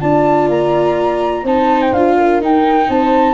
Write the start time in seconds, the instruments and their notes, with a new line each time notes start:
0.00 tuba D4, viola F4, horn D5, flute A5
0.48 tuba A#3, flute A#5
1.43 tuba C4, viola D#4, horn C5, flute A5
1.81 flute G5
1.92 tuba D4, viola F4, flute F5
2.17 horn A#4
2.40 tuba D#4, viola D#4, flute G5
2.89 tuba C4, horn C5, flute A5